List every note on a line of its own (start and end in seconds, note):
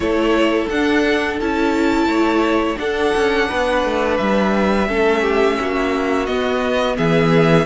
0.00 0.66 A3
0.00 0.70 E4
0.00 2.08 A4
0.00 0.68 C#5
0.69 1.39 D4
0.69 1.41 D4
0.69 1.39 F#5
1.40 2.06 C#4
1.40 2.76 E4
1.40 2.78 A5
2.06 2.76 A3
2.06 2.78 C#5
2.76 4.86 D4
2.76 3.13 D4
2.76 3.48 A4
2.76 4.17 F#5
3.15 3.50 C#4
3.48 3.84 B3
3.48 4.87 B4
3.84 4.19 A3
4.17 4.88 G3
4.17 6.26 E5
4.87 5.58 A3
4.87 6.27 C#4
4.87 5.21 A4
5.21 5.56 G4
5.60 6.28 A#3
5.60 6.96 F#4
6.26 6.97 B3
6.26 7.65 B3
6.26 6.95 D#5
6.96 7.65 E3
6.96 7.65 G#4
6.96 7.65 E5